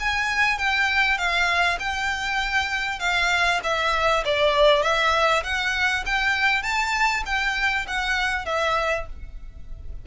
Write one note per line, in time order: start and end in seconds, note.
0.00 0.59 G#5
0.59 1.18 G5
1.18 1.79 F5
1.80 3.00 G5
3.00 3.60 F5
3.64 4.24 E5
4.25 4.83 D5
4.83 5.44 E5
5.44 6.04 F#5
6.06 6.63 G5
6.63 7.23 A5
7.26 7.87 G5
7.88 8.46 F#5
8.46 9.07 E5